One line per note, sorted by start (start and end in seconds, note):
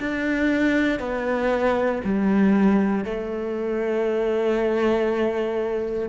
0.00 1.00 D4
1.00 2.02 B3
2.04 3.05 G3
3.05 6.09 A3